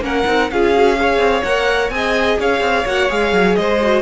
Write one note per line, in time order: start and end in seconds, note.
0.00 0.24 A#3
0.00 0.25 C#4
0.00 0.51 A#4
0.00 0.50 F#5
0.26 0.50 C4
0.26 0.50 D#4
0.50 1.18 C#4
0.50 0.74 F4
0.50 0.99 G#4
0.50 1.43 F5
0.74 0.96 F#4
0.96 1.43 G#4
0.96 1.94 C#5
1.18 1.42 C4
1.43 1.89 A#3
1.43 1.91 A#4
1.43 1.90 F#5
1.89 2.37 C4
1.89 2.86 G#4
1.89 2.40 D#5
1.89 2.37 G#5
2.39 2.60 C#4
2.39 3.58 C#5
2.39 2.87 F5
2.60 2.84 C4
2.86 3.09 A#3
2.86 3.09 F#4
2.86 3.11 F#5
3.09 3.32 G#3
3.09 3.80 G#4
3.09 3.55 F5
3.32 3.56 F#3
3.55 4.02 G#3
3.55 4.02 C5
3.55 4.02 D#5
3.82 4.02 F#4